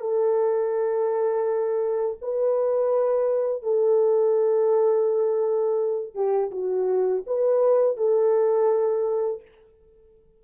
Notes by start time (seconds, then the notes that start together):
0.00 A4
2.21 B4
3.62 A4
6.14 G4
6.51 F#4
7.27 B4
7.97 A4